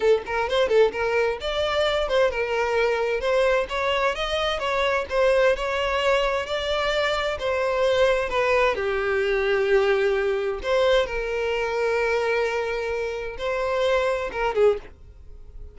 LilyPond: \new Staff \with { instrumentName = "violin" } { \time 4/4 \tempo 4 = 130 a'8 ais'8 c''8 a'8 ais'4 d''4~ | d''8 c''8 ais'2 c''4 | cis''4 dis''4 cis''4 c''4 | cis''2 d''2 |
c''2 b'4 g'4~ | g'2. c''4 | ais'1~ | ais'4 c''2 ais'8 gis'8 | }